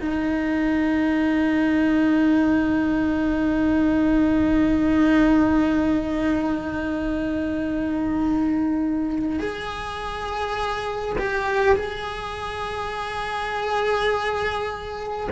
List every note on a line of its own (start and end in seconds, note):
0.00 9.39 D#4
9.39 11.16 G#4
11.18 11.75 G4
11.75 15.28 G#4